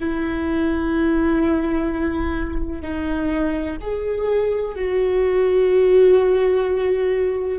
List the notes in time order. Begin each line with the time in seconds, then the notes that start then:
0.00 E4
2.81 D#4
3.81 G#4
4.75 F#4